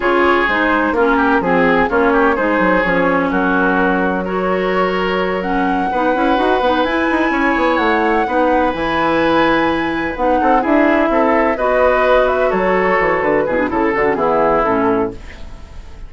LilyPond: <<
  \new Staff \with { instrumentName = "flute" } { \time 4/4 \tempo 4 = 127 cis''4 c''4 ais'4 gis'4 | cis''4 c''4 cis''4 ais'4~ | ais'4 cis''2~ cis''8 fis''8~ | fis''2~ fis''8 gis''4.~ |
gis''8 fis''2 gis''4.~ | gis''4. fis''4 e''4.~ | e''8 dis''4. e''8 cis''4. | b'4 a'8 fis'8 gis'4 a'4 | }
  \new Staff \with { instrumentName = "oboe" } { \time 4/4 gis'2 f'8 g'8 gis'4 | f'8 g'8 gis'2 fis'4~ | fis'4 ais'2.~ | ais'8 b'2. cis''8~ |
cis''4. b'2~ b'8~ | b'2 a'8 gis'4 a'8~ | a'8 b'2 a'4.~ | a'8 gis'8 a'4 e'2 | }
  \new Staff \with { instrumentName = "clarinet" } { \time 4/4 f'4 dis'4 cis'4 c'4 | cis'4 dis'4 cis'2~ | cis'4 fis'2~ fis'8 cis'8~ | cis'8 dis'8 e'8 fis'8 dis'8 e'4.~ |
e'4. dis'4 e'4.~ | e'4. dis'4 e'4.~ | e'8 fis'2.~ fis'8~ | fis'8 e'16 d'16 e'8 d'16 cis'16 b4 cis'4 | }
  \new Staff \with { instrumentName = "bassoon" } { \time 4/4 cis4 gis4 ais4 f4 | ais4 gis8 fis8 f4 fis4~ | fis1~ | fis8 b8 cis'8 dis'8 b8 e'8 dis'8 cis'8 |
b8 a4 b4 e4.~ | e4. b8 c'8 d'4 c'8~ | c'8 b2 fis4 e8 | d8 b,8 cis8 d8 e4 a,4 | }
>>